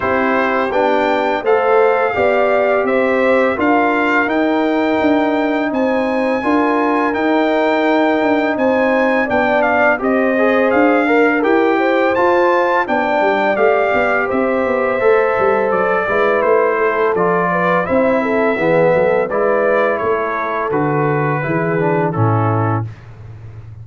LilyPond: <<
  \new Staff \with { instrumentName = "trumpet" } { \time 4/4 \tempo 4 = 84 c''4 g''4 f''2 | e''4 f''4 g''2 | gis''2 g''2 | gis''4 g''8 f''8 dis''4 f''4 |
g''4 a''4 g''4 f''4 | e''2 d''4 c''4 | d''4 e''2 d''4 | cis''4 b'2 a'4 | }
  \new Staff \with { instrumentName = "horn" } { \time 4/4 g'2 c''4 d''4 | c''4 ais'2. | c''4 ais'2. | c''4 d''4 c''4. ais'8~ |
ais'8 c''4. d''2 | c''2~ c''8 b'4 a'8~ | a'8 b'8 c''8 a'8 gis'8 a'8 b'4 | a'2 gis'4 e'4 | }
  \new Staff \with { instrumentName = "trombone" } { \time 4/4 e'4 d'4 a'4 g'4~ | g'4 f'4 dis'2~ | dis'4 f'4 dis'2~ | dis'4 d'4 g'8 gis'4 ais'8 |
g'4 f'4 d'4 g'4~ | g'4 a'4. e'4. | f'4 e'4 b4 e'4~ | e'4 fis'4 e'8 d'8 cis'4 | }
  \new Staff \with { instrumentName = "tuba" } { \time 4/4 c'4 b4 a4 b4 | c'4 d'4 dis'4 d'4 | c'4 d'4 dis'4. d'8 | c'4 b4 c'4 d'4 |
e'4 f'4 b8 g8 a8 b8 | c'8 b8 a8 g8 fis8 gis8 a4 | f4 c'4 e8 fis8 gis4 | a4 d4 e4 a,4 | }
>>